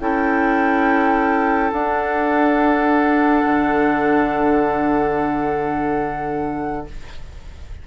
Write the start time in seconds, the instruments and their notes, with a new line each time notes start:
0.00 bassoon C#4, clarinet E4, oboe A4, flute G5
1.72 bassoon D4, clarinet D4, flute F#5
3.44 bassoon D3